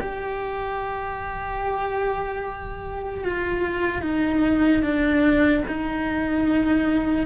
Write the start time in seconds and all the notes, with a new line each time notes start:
0.00 G4
3.24 F4
4.02 D#4
4.82 D4
5.68 D#4